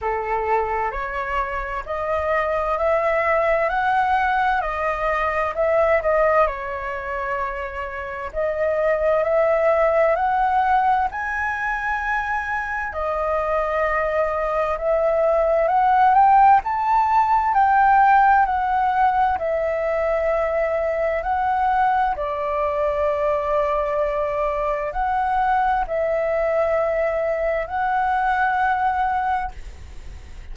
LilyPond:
\new Staff \with { instrumentName = "flute" } { \time 4/4 \tempo 4 = 65 a'4 cis''4 dis''4 e''4 | fis''4 dis''4 e''8 dis''8 cis''4~ | cis''4 dis''4 e''4 fis''4 | gis''2 dis''2 |
e''4 fis''8 g''8 a''4 g''4 | fis''4 e''2 fis''4 | d''2. fis''4 | e''2 fis''2 | }